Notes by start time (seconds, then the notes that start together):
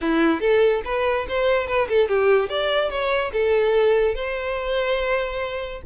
0.01 E4
0.40 A4
0.84 B4
1.28 C5
1.67 B4
1.88 A4
2.08 G4
2.49 D5
2.89 C#5
3.32 A4
4.15 C5